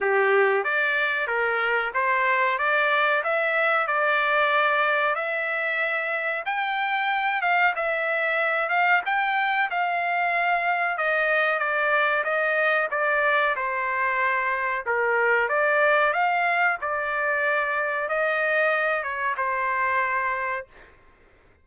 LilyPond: \new Staff \with { instrumentName = "trumpet" } { \time 4/4 \tempo 4 = 93 g'4 d''4 ais'4 c''4 | d''4 e''4 d''2 | e''2 g''4. f''8 | e''4. f''8 g''4 f''4~ |
f''4 dis''4 d''4 dis''4 | d''4 c''2 ais'4 | d''4 f''4 d''2 | dis''4. cis''8 c''2 | }